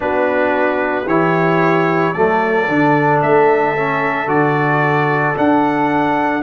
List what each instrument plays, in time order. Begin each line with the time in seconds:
0.00 tuba B3, trombone D4, horn F#4, trumpet B4
1.06 tuba E3, trombone E4, horn G4, trumpet C#5
2.12 tuba F#3, trombone A3, horn A4, trumpet D5
2.68 tuba D3, trombone D4
3.22 tuba A3, trumpet E5
3.76 trombone C#4
4.27 tuba D3, trombone F#4, trumpet D5
5.35 trombone D4, tuba D4, trumpet F#5